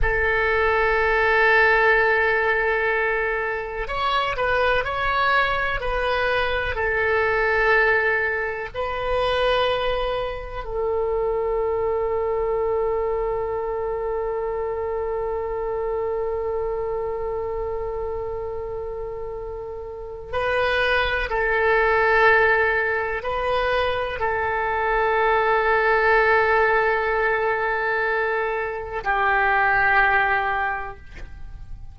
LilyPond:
\new Staff \with { instrumentName = "oboe" } { \time 4/4 \tempo 4 = 62 a'1 | cis''8 b'8 cis''4 b'4 a'4~ | a'4 b'2 a'4~ | a'1~ |
a'1~ | a'4 b'4 a'2 | b'4 a'2.~ | a'2 g'2 | }